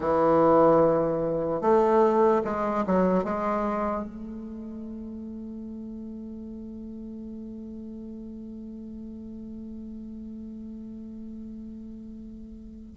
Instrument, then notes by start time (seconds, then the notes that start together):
bassoon
0.00 E3
1.61 A3
2.44 G#3
2.86 F#3
3.24 G#3
4.04 A3